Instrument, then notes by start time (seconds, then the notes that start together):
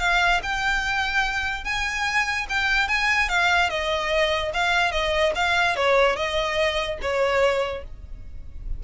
violin
0.00 F5
0.43 G5
1.65 G#5
2.49 G5
2.88 G#5
3.29 F5
3.70 D#5
4.54 F5
4.92 D#5
5.36 F5
5.76 C#5
6.16 D#5
7.02 C#5